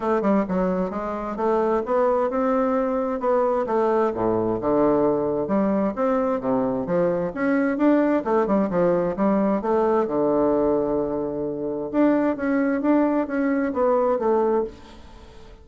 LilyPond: \new Staff \with { instrumentName = "bassoon" } { \time 4/4 \tempo 4 = 131 a8 g8 fis4 gis4 a4 | b4 c'2 b4 | a4 a,4 d2 | g4 c'4 c4 f4 |
cis'4 d'4 a8 g8 f4 | g4 a4 d2~ | d2 d'4 cis'4 | d'4 cis'4 b4 a4 | }